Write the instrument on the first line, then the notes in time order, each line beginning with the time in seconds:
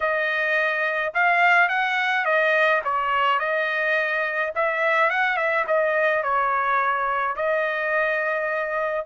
trumpet
0.00 D#5
1.14 F5
1.68 F#5
2.25 D#5
2.84 C#5
3.39 D#5
4.55 E5
5.10 F#5
5.36 E5
5.67 D#5
6.23 C#5
7.36 D#5